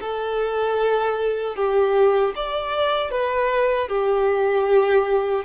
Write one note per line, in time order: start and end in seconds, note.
0.00 1.55 A4
1.55 2.33 G4
2.35 3.10 D5
3.10 3.88 B4
3.88 5.44 G4